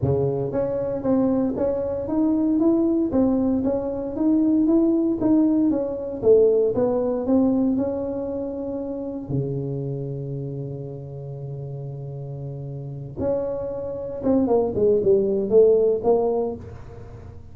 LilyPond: \new Staff \with { instrumentName = "tuba" } { \time 4/4 \tempo 4 = 116 cis4 cis'4 c'4 cis'4 | dis'4 e'4 c'4 cis'4 | dis'4 e'4 dis'4 cis'4 | a4 b4 c'4 cis'4~ |
cis'2 cis2~ | cis1~ | cis4. cis'2 c'8 | ais8 gis8 g4 a4 ais4 | }